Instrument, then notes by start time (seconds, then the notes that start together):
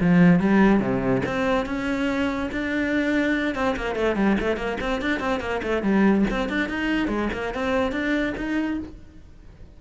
cello
0.00 F3
0.40 G3
0.80 C3
1.25 C4
1.65 C#4
2.51 D4
3.55 C4
3.76 A#3
3.95 A3
4.15 G3
4.40 A3
4.56 A#3
4.80 C4
5.01 D4
5.19 C4
5.40 A#3
5.62 A3
5.82 G3
6.30 C4
6.49 D4
6.69 D#4
7.08 G#3
7.33 A#3
7.54 C4
7.92 D4
8.36 D#4